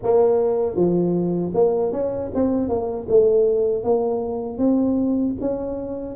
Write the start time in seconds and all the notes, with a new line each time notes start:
0.02 A#3
0.75 F3
1.53 A#3
1.92 C#4
2.34 C4
2.69 A#3
3.08 A3
3.83 A#3
4.58 C4
5.41 C#4